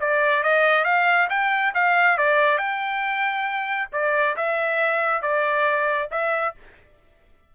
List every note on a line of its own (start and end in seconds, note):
0.00 0.43 D5
0.43 0.84 D#5
0.84 1.28 F5
1.30 1.73 G5
1.74 2.18 F5
2.18 2.58 D5
2.58 3.88 G5
3.92 4.36 D5
4.36 5.22 E5
5.22 6.09 D5
6.11 6.55 E5